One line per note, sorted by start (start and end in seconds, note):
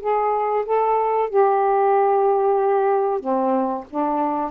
0.00 0.65 G#4
0.65 1.29 A4
1.29 3.20 G4
3.20 3.84 C4
3.89 4.50 D4